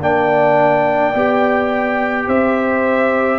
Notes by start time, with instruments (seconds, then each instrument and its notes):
0.00 tuba A#3, trombone D4, horn D5, trumpet G5
1.14 tuba B3, trombone G4
2.27 tuba C4, horn C5, trumpet E5